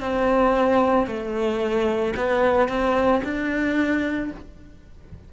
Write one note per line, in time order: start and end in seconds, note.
0.00 1.07 C4
1.07 2.14 A3
2.17 2.68 B3
2.68 3.22 C4
3.24 4.31 D4